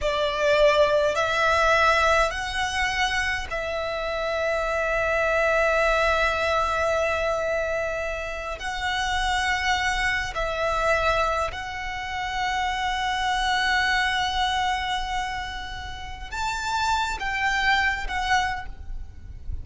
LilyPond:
\new Staff \with { instrumentName = "violin" } { \time 4/4 \tempo 4 = 103 d''2 e''2 | fis''2 e''2~ | e''1~ | e''2~ e''8. fis''4~ fis''16~ |
fis''4.~ fis''16 e''2 fis''16~ | fis''1~ | fis''1 | a''4. g''4. fis''4 | }